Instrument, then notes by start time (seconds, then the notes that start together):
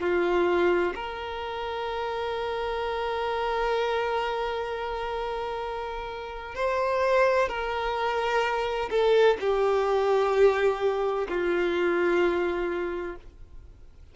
violin
0.00 F4
0.95 A#4
6.55 C5
7.49 A#4
8.91 A4
9.41 G4
11.29 F4